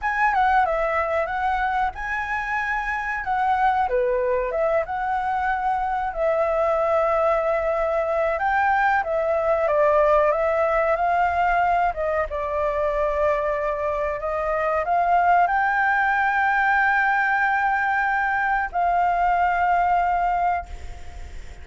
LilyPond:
\new Staff \with { instrumentName = "flute" } { \time 4/4 \tempo 4 = 93 gis''8 fis''8 e''4 fis''4 gis''4~ | gis''4 fis''4 b'4 e''8 fis''8~ | fis''4. e''2~ e''8~ | e''4 g''4 e''4 d''4 |
e''4 f''4. dis''8 d''4~ | d''2 dis''4 f''4 | g''1~ | g''4 f''2. | }